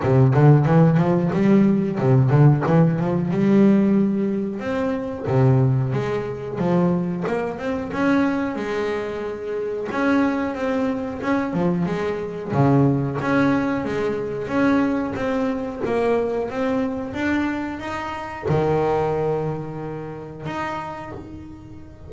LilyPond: \new Staff \with { instrumentName = "double bass" } { \time 4/4 \tempo 4 = 91 c8 d8 e8 f8 g4 c8 d8 | e8 f8 g2 c'4 | c4 gis4 f4 ais8 c'8 | cis'4 gis2 cis'4 |
c'4 cis'8 f8 gis4 cis4 | cis'4 gis4 cis'4 c'4 | ais4 c'4 d'4 dis'4 | dis2. dis'4 | }